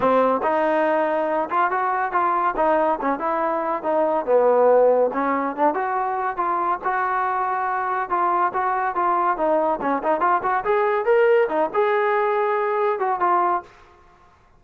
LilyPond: \new Staff \with { instrumentName = "trombone" } { \time 4/4 \tempo 4 = 141 c'4 dis'2~ dis'8 f'8 | fis'4 f'4 dis'4 cis'8 e'8~ | e'4 dis'4 b2 | cis'4 d'8 fis'4. f'4 |
fis'2. f'4 | fis'4 f'4 dis'4 cis'8 dis'8 | f'8 fis'8 gis'4 ais'4 dis'8 gis'8~ | gis'2~ gis'8 fis'8 f'4 | }